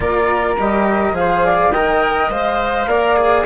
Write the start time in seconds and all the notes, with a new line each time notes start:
0.00 A#3 F4 A#4 D5
0.59 G3 G4 D#5
1.12 F3 G#4 F5
1.19 C5
1.45 D5
1.71 D#3 A#4 D#5 G5
2.29 G#3 C5 F5
2.86 A#3 A#4 D5
3.16 G#4